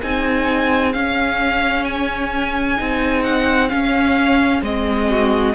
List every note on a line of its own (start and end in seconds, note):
0.00 0.95 C4
0.00 0.94 D#4
0.00 5.08 G#4
0.00 0.93 G#5
0.93 2.77 C#4
0.93 2.79 C#4
0.93 1.84 F5
1.84 3.23 G#5
2.77 3.72 C4
2.77 3.69 D#4
3.23 3.69 F#5
3.69 4.62 C#4
3.69 4.61 F5
4.62 5.54 G#3
4.62 5.55 C4
4.62 5.55 D#5
5.10 5.55 F#4